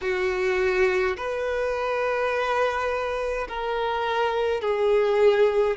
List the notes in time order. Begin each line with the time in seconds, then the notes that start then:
0.01 F#4
1.16 B4
3.48 A#4
4.61 G#4